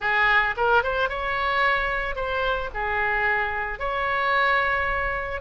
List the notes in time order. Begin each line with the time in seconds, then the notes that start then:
0.00 G#4
0.56 A#4
0.83 C5
1.09 C#5
2.15 C5
2.73 G#4
3.79 C#5